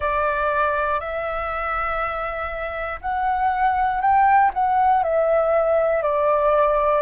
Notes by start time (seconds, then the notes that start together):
0.00 D5
1.00 E5
3.00 F#5
4.01 G5
4.53 F#5
5.03 E5
6.02 D5